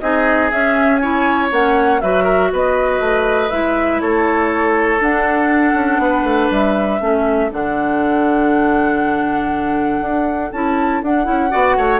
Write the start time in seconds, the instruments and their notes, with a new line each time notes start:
0.00 bassoon C4, clarinet D#4, oboe G#4, flute D#5
0.51 clarinet C#4, bassoon C#4, flute E5
0.97 clarinet E4, oboe C#5, flute G#5
1.51 bassoon A#3, clarinet C#4, flute F#5
2.01 bassoon F#3, clarinet F#4, oboe B4, flute E5
2.24 oboe A#4
2.52 bassoon B3, oboe B4, flute D#5
3.00 bassoon A3
3.50 bassoon G#3, clarinet E4, flute E5
4.01 bassoon A3, oboe A4, flute C#5
5.00 bassoon D4, clarinet D4, flute F#5
5.73 bassoon C#4
5.98 bassoon B3, oboe B4
6.23 bassoon A3
6.50 bassoon G3, flute E5
7.00 bassoon A3, clarinet C#4, oboe A4
7.51 bassoon D3, clarinet D4, flute F#5
10.00 bassoon D4
10.52 bassoon C#4, clarinet E4, flute A5
11.02 bassoon D4, clarinet D4, flute F#5
11.24 bassoon C#4, clarinet E4
11.50 bassoon B3, clarinet F#4, oboe D5
11.77 bassoon A3, oboe C#5